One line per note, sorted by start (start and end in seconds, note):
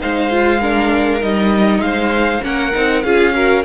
0.00 1.22 G#3
0.00 0.30 D#4
0.00 0.60 C5
0.00 1.23 F5
0.30 0.61 F4
0.60 1.20 D4
0.60 1.81 A#4
1.20 1.79 G3
1.20 2.42 D#4
1.20 1.81 D#5
1.79 2.40 G#3
1.79 2.44 C5
1.79 2.42 F5
2.42 2.74 A#3
2.42 2.72 C#4
2.42 3.04 A#4
2.42 3.02 F#5
2.74 3.04 C4
2.74 3.04 D#4
3.02 3.64 C#4
3.02 3.34 F4
3.02 3.34 G#4
3.02 3.63 F5
3.34 3.64 F#4
3.34 3.65 A#4